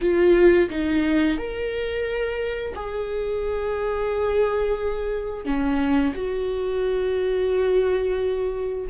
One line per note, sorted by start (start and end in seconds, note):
0.01 0.69 F4
0.69 1.37 D#4
1.37 2.73 A#4
2.75 5.45 G#4
5.45 6.13 C#4
6.15 8.87 F#4